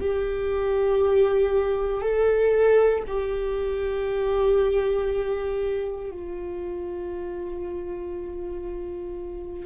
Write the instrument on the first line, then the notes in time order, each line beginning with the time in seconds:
viola
0.00 G4
2.02 A4
3.07 G4
6.11 F4